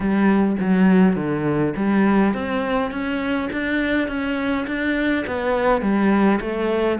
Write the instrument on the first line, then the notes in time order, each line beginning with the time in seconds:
cello
0.00 G3
0.60 F#3
1.15 D3
1.76 G3
2.34 C4
2.91 C#4
3.52 D4
4.08 C#4
4.67 D4
5.26 B3
5.81 G3
6.40 A3